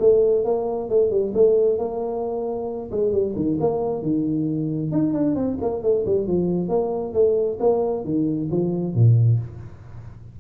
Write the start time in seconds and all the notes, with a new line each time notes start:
0.00 A3
0.45 A#3
0.90 A3
1.11 G3
1.34 A3
1.79 A#3
2.91 G#3
3.12 G3
3.36 D#3
3.61 A#3
4.03 D#3
4.92 D#4
5.14 D4
5.36 C4
5.62 A#3
5.83 A3
6.06 G3
6.27 F3
6.69 A#3
7.14 A3
7.60 A#3
8.05 D#3
8.51 F3
8.95 A#2